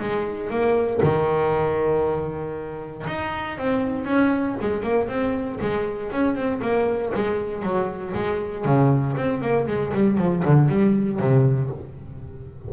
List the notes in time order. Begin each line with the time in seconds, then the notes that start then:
0.00 G#3
0.50 A#3
1.03 D#3
3.07 D#4
3.58 C4
4.05 C#4
4.61 G#3
4.83 A#3
5.08 C4
5.61 G#3
6.12 C#4
6.35 C4
6.61 A#3
7.15 G#3
7.62 F#3
8.14 G#3
8.65 C#3
9.17 C4
9.41 A#3
9.67 G#3
9.94 G3
10.18 F3
10.45 D3
10.69 G3
11.20 C3